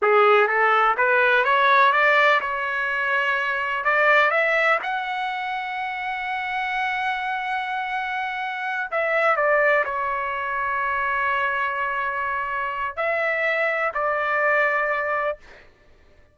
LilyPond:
\new Staff \with { instrumentName = "trumpet" } { \time 4/4 \tempo 4 = 125 gis'4 a'4 b'4 cis''4 | d''4 cis''2. | d''4 e''4 fis''2~ | fis''1~ |
fis''2~ fis''8 e''4 d''8~ | d''8 cis''2.~ cis''8~ | cis''2. e''4~ | e''4 d''2. | }